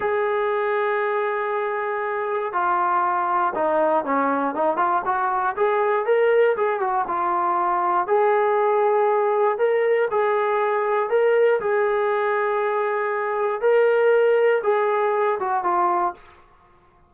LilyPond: \new Staff \with { instrumentName = "trombone" } { \time 4/4 \tempo 4 = 119 gis'1~ | gis'4 f'2 dis'4 | cis'4 dis'8 f'8 fis'4 gis'4 | ais'4 gis'8 fis'8 f'2 |
gis'2. ais'4 | gis'2 ais'4 gis'4~ | gis'2. ais'4~ | ais'4 gis'4. fis'8 f'4 | }